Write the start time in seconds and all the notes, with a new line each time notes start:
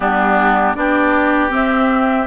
0.00 G3 B3 D4 G4
0.75 B3 D4 G4 D5
1.49 C4 E5